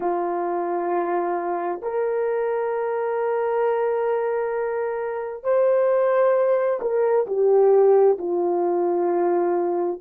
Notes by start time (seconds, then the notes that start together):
0.00 F4
1.81 A#4
5.43 C5
6.81 A#4
7.26 G4
8.18 F4